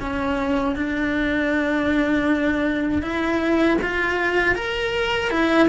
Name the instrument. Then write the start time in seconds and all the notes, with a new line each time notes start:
cello
0.00 C#4
0.76 D4
3.02 E4
3.81 F4
4.55 A#4
5.30 E4